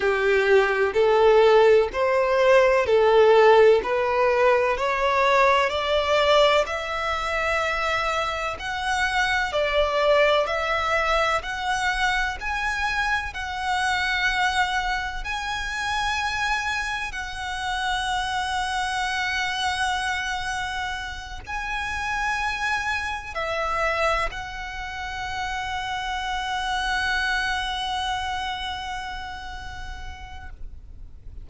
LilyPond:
\new Staff \with { instrumentName = "violin" } { \time 4/4 \tempo 4 = 63 g'4 a'4 c''4 a'4 | b'4 cis''4 d''4 e''4~ | e''4 fis''4 d''4 e''4 | fis''4 gis''4 fis''2 |
gis''2 fis''2~ | fis''2~ fis''8 gis''4.~ | gis''8 e''4 fis''2~ fis''8~ | fis''1 | }